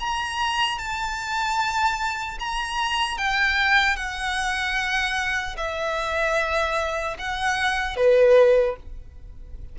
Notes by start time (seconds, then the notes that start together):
0.00 A#5
0.79 A5
2.40 A#5
3.18 G5
3.97 F#5
5.57 E5
7.19 F#5
7.97 B4